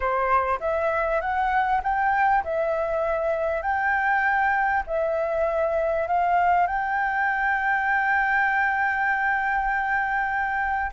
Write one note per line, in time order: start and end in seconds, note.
0.00 0.59 C5
0.60 1.20 E5
1.20 1.81 F#5
1.83 2.43 G5
2.44 3.62 E5
3.62 4.83 G5
4.87 6.07 E5
6.07 6.67 F5
6.67 10.91 G5